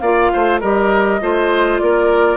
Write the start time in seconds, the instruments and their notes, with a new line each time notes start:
0.00 bassoon A#3, clarinet F4, oboe D5, flute F5
0.33 bassoon A3, oboe C5
0.61 bassoon G3, clarinet G4, oboe A#4, flute D#5
1.21 bassoon A3, clarinet F4, oboe C5
1.79 bassoon A#3, oboe A#4, flute D5